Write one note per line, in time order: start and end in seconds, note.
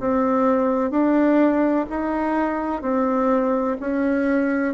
0.00 0.91 C4
0.91 1.86 D4
1.90 2.82 D#4
2.82 3.77 C4
3.81 4.74 C#4